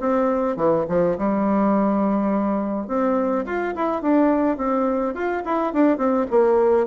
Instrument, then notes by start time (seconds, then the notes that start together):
bassoon
0.00 C4
0.56 E3
0.89 F3
1.18 G3
2.88 C4
3.45 F4
3.75 E4
4.02 D4
4.57 C4
5.14 F4
5.44 E4
5.73 D4
5.97 C4
6.30 A#3